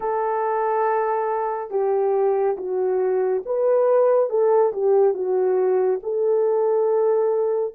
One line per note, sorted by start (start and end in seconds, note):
0.00 1.70 A4
1.70 2.56 G4
2.57 3.42 F#4
3.45 4.29 B4
4.29 4.72 A4
4.72 5.14 G4
5.14 5.99 F#4
6.02 7.74 A4